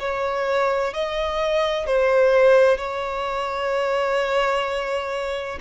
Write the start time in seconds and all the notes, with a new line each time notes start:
0.00 C#5
0.94 D#5
1.87 C5
2.78 C#5